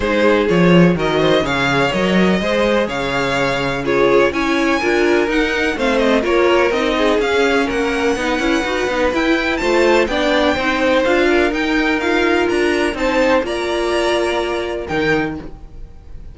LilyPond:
<<
  \new Staff \with { instrumentName = "violin" } { \time 4/4 \tempo 4 = 125 c''4 cis''4 dis''4 f''4 | dis''2 f''2 | cis''4 gis''2 fis''4 | f''8 dis''8 cis''4 dis''4 f''4 |
fis''2. g''4 | a''4 g''2 f''4 | g''4 f''4 ais''4 a''4 | ais''2. g''4 | }
  \new Staff \with { instrumentName = "violin" } { \time 4/4 gis'2 ais'8 c''8 cis''4~ | cis''4 c''4 cis''2 | gis'4 cis''4 ais'2 | c''4 ais'4. gis'4. |
ais'4 b'2. | c''4 d''4 c''4. ais'8~ | ais'2. c''4 | d''2. ais'4 | }
  \new Staff \with { instrumentName = "viola" } { \time 4/4 dis'4 f'4 fis'4 gis'4 | ais'4 gis'2. | f'4 e'4 f'4 dis'4 | c'4 f'4 dis'4 cis'4~ |
cis'4 dis'8 e'8 fis'8 dis'8 e'4 | f'4 d'4 dis'4 f'4 | dis'4 f'2 dis'4 | f'2. dis'4 | }
  \new Staff \with { instrumentName = "cello" } { \time 4/4 gis4 f4 dis4 cis4 | fis4 gis4 cis2~ | cis4 cis'4 d'4 dis'4 | a4 ais4 c'4 cis'4 |
ais4 b8 cis'8 dis'8 b8 e'4 | a4 b4 c'4 d'4 | dis'2 d'4 c'4 | ais2. dis4 | }
>>